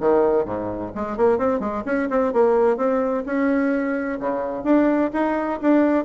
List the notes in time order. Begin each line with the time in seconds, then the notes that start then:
0.00 D#3
0.45 G#2
0.95 G#3
1.17 A#3
1.38 C4
1.60 G#3
1.86 C#4
2.10 C4
2.33 A#3
2.77 C4
3.26 C#4
4.20 C#3
4.64 D4
5.13 D#4
5.61 D4